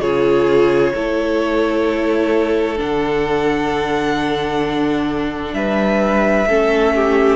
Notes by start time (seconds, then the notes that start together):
0.00 C#3 F4 G#4 C#5
0.94 A3 E4 A4
2.77 D3 D4 F#5
5.53 G3 B4 E5
6.47 A3 C#4 A4
6.95 G4